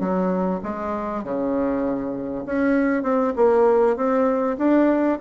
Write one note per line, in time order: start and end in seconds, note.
0.00 0.61 F#3
0.63 1.24 G#3
1.24 2.45 C#3
2.46 3.03 C#4
3.03 3.33 C4
3.36 3.96 A#3
3.96 4.57 C4
4.58 5.19 D4